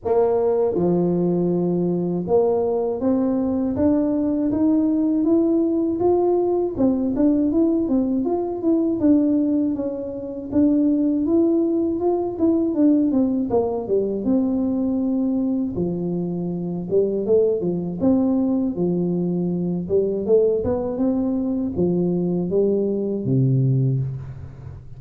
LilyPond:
\new Staff \with { instrumentName = "tuba" } { \time 4/4 \tempo 4 = 80 ais4 f2 ais4 | c'4 d'4 dis'4 e'4 | f'4 c'8 d'8 e'8 c'8 f'8 e'8 | d'4 cis'4 d'4 e'4 |
f'8 e'8 d'8 c'8 ais8 g8 c'4~ | c'4 f4. g8 a8 f8 | c'4 f4. g8 a8 b8 | c'4 f4 g4 c4 | }